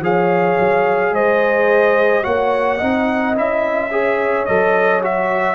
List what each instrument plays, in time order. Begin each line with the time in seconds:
0.00 tuba F3, trombone G#4, horn C#5, trumpet F5
0.59 tuba F#3
1.11 tuba G#3, horn C5, trumpet D#5
2.23 tuba A#3, trombone F#4, horn C#5, trumpet F#5
2.77 tuba C4, trombone D#4, horn D#5
3.34 tuba C#4, trombone E4, trumpet E5
3.91 trombone G#4, horn C#5
4.45 tuba F#3, trombone A4, trumpet D#5
5.02 trombone F#4, trumpet E5